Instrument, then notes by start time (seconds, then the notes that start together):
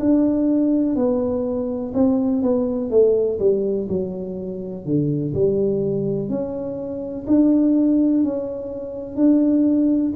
tuba
0.00 D4
0.96 B3
1.94 C4
2.43 B3
2.91 A3
3.40 G3
3.88 F#3
4.86 D3
5.34 G3
6.29 C#4
7.27 D4
8.24 C#4
9.16 D4